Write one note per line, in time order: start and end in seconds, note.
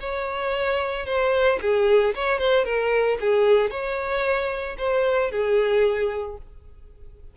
0.00 1.06 C#5
1.06 1.59 C5
1.61 2.14 G#4
2.15 2.39 C#5
2.39 2.65 C5
2.65 3.18 A#4
3.21 3.70 G#4
3.70 4.77 C#5
4.78 5.31 C5
5.31 6.38 G#4